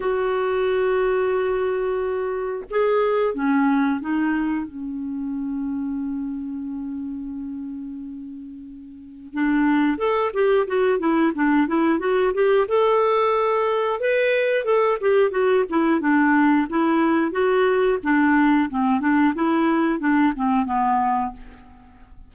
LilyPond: \new Staff \with { instrumentName = "clarinet" } { \time 4/4 \tempo 4 = 90 fis'1 | gis'4 cis'4 dis'4 cis'4~ | cis'1~ | cis'2 d'4 a'8 g'8 |
fis'8 e'8 d'8 e'8 fis'8 g'8 a'4~ | a'4 b'4 a'8 g'8 fis'8 e'8 | d'4 e'4 fis'4 d'4 | c'8 d'8 e'4 d'8 c'8 b4 | }